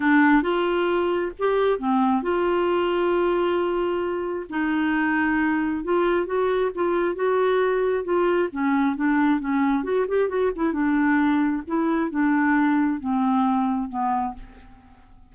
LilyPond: \new Staff \with { instrumentName = "clarinet" } { \time 4/4 \tempo 4 = 134 d'4 f'2 g'4 | c'4 f'2.~ | f'2 dis'2~ | dis'4 f'4 fis'4 f'4 |
fis'2 f'4 cis'4 | d'4 cis'4 fis'8 g'8 fis'8 e'8 | d'2 e'4 d'4~ | d'4 c'2 b4 | }